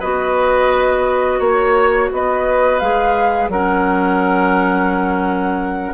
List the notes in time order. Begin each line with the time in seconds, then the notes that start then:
0.00 B3 F#4 B4 D#5
1.40 A#3 C#5
2.12 B3 B4 D#5
2.80 G#3 G#4 F5
3.49 F#3 C#4 A#4 F#5